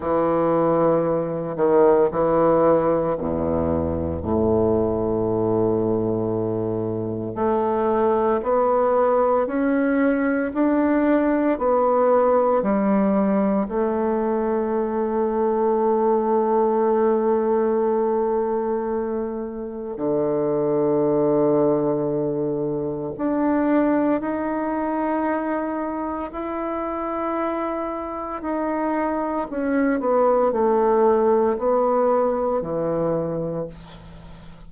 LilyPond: \new Staff \with { instrumentName = "bassoon" } { \time 4/4 \tempo 4 = 57 e4. dis8 e4 e,4 | a,2. a4 | b4 cis'4 d'4 b4 | g4 a2.~ |
a2. d4~ | d2 d'4 dis'4~ | dis'4 e'2 dis'4 | cis'8 b8 a4 b4 e4 | }